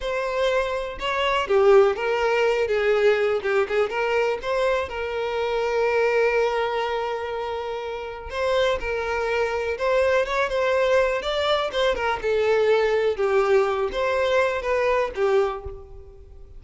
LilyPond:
\new Staff \with { instrumentName = "violin" } { \time 4/4 \tempo 4 = 123 c''2 cis''4 g'4 | ais'4. gis'4. g'8 gis'8 | ais'4 c''4 ais'2~ | ais'1~ |
ais'4 c''4 ais'2 | c''4 cis''8 c''4. d''4 | c''8 ais'8 a'2 g'4~ | g'8 c''4. b'4 g'4 | }